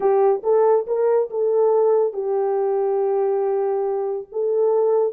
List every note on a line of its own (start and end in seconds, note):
0.00 0.42 G4
0.43 0.86 A4
0.86 1.29 A#4
1.30 2.13 A4
2.13 4.27 G4
4.31 5.13 A4